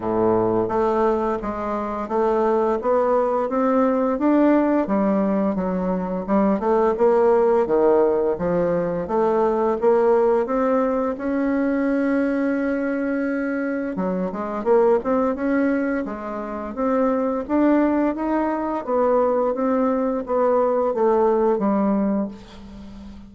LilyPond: \new Staff \with { instrumentName = "bassoon" } { \time 4/4 \tempo 4 = 86 a,4 a4 gis4 a4 | b4 c'4 d'4 g4 | fis4 g8 a8 ais4 dis4 | f4 a4 ais4 c'4 |
cis'1 | fis8 gis8 ais8 c'8 cis'4 gis4 | c'4 d'4 dis'4 b4 | c'4 b4 a4 g4 | }